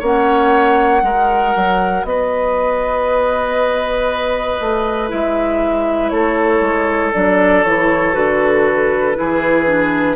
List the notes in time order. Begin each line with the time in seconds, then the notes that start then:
0.00 A#3 C#4 C#5 F#5
1.02 G#3 F#4 A#4
1.56 F#3
2.04 B3 B4 D#5
4.60 A3
5.09 G#3 E4 E5
6.10 A3 A4 C#5
6.61 G#3
7.14 F#3 D4 D5
7.64 E3 E4 C#5
8.13 D3 F#4 B4
9.15 E3 E4 G#4
9.67 D4